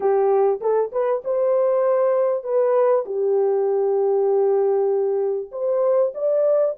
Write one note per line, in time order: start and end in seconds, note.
0.00 0.60 G4
0.60 0.91 A4
0.92 1.22 B4
1.24 2.43 C5
2.43 3.04 B4
3.05 5.50 G4
5.51 6.13 C5
6.14 6.75 D5